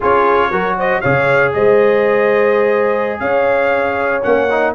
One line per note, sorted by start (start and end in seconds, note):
0.00 0.51 C#4
0.00 0.52 F4
0.00 0.50 G#4
0.00 0.79 C#5
0.50 1.02 F#3
0.50 1.03 F#4
0.50 0.76 A#4
0.78 1.01 C5
0.78 1.00 D#5
1.00 1.54 C#3
1.00 4.22 G#4
1.00 1.52 C#5
1.00 1.52 F5
1.53 3.20 G#3
1.53 3.21 C5
1.53 3.19 D#5
3.19 4.23 C#4
3.19 4.74 C#5
3.19 4.22 F5
4.22 4.74 A#3
4.22 4.47 C#4
4.22 4.74 F#5
4.50 4.74 D#4